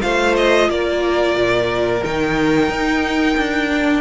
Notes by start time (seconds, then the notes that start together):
0.00 A3 F4 C5 F5
0.36 D#5
0.69 A#3 A#4 D5
1.34 A#2
2.03 D#3 D#4 G5
2.69 D#4
3.37 D4
3.69 D4